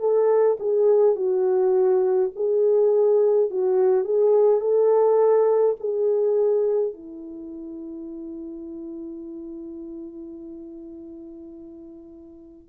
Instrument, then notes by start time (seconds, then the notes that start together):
horn
0.00 A4
0.60 G#4
1.16 F#4
2.36 G#4
3.51 F#4
4.05 G#4
4.61 A4
5.81 G#4
6.94 E4